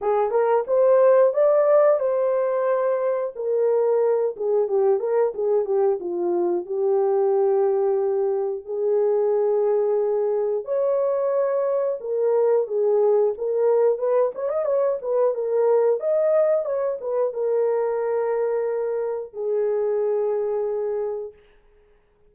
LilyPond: \new Staff \with { instrumentName = "horn" } { \time 4/4 \tempo 4 = 90 gis'8 ais'8 c''4 d''4 c''4~ | c''4 ais'4. gis'8 g'8 ais'8 | gis'8 g'8 f'4 g'2~ | g'4 gis'2. |
cis''2 ais'4 gis'4 | ais'4 b'8 cis''16 dis''16 cis''8 b'8 ais'4 | dis''4 cis''8 b'8 ais'2~ | ais'4 gis'2. | }